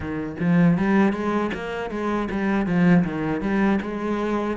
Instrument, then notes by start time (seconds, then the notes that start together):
cello
0.00 D#3
0.39 F3
0.77 G3
1.13 G#3
1.54 A#3
1.90 G#3
2.30 G3
2.66 F3
3.04 D#3
3.41 G3
3.81 G#3